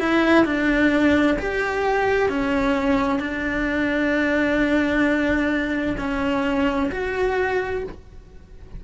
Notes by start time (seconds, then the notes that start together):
0.00 E4
0.45 D4
1.39 G4
2.30 C#4
3.20 D4
5.98 C#4
6.92 F#4